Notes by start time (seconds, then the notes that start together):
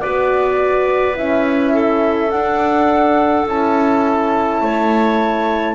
0.00 B3 F#4 B4 D5
1.14 C#4 E4 E5
1.73 A4
2.30 D4 F#5
3.46 C#4 E4 A5
4.61 A3 C#5